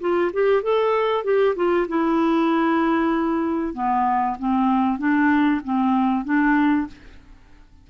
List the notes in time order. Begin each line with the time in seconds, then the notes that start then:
0.00 F4
0.33 G4
0.62 A4
1.24 G4
1.55 F4
1.88 E4
3.74 B3
4.39 C4
4.98 D4
5.64 C4
6.24 D4